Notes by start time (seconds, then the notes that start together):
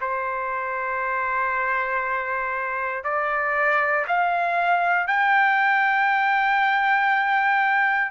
0.00 C5
3.03 D5
4.07 F5
5.07 G5